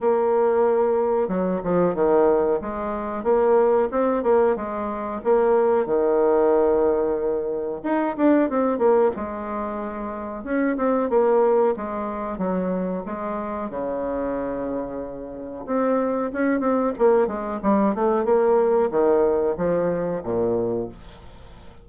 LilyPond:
\new Staff \with { instrumentName = "bassoon" } { \time 4/4 \tempo 4 = 92 ais2 fis8 f8 dis4 | gis4 ais4 c'8 ais8 gis4 | ais4 dis2. | dis'8 d'8 c'8 ais8 gis2 |
cis'8 c'8 ais4 gis4 fis4 | gis4 cis2. | c'4 cis'8 c'8 ais8 gis8 g8 a8 | ais4 dis4 f4 ais,4 | }